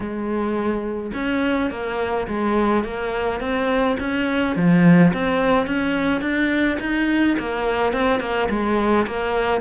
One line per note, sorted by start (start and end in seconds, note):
0.00 1.11 G#3
1.14 1.70 C#4
1.70 2.27 A#3
2.27 2.84 G#3
2.84 3.40 A#3
3.40 3.96 C4
3.99 4.56 C#4
4.56 5.12 F3
5.13 5.66 C4
5.66 6.21 C#4
6.21 6.78 D4
6.80 7.36 D#4
7.38 7.92 A#3
7.92 8.20 C4
8.20 8.48 A#3
8.49 9.06 G#3
9.06 9.61 A#3